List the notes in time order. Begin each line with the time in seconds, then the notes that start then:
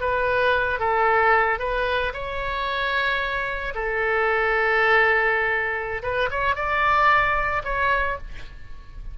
0.00 B4
0.79 A4
1.59 B4
2.13 C#5
3.74 A4
6.02 B4
6.30 C#5
6.55 D5
7.64 C#5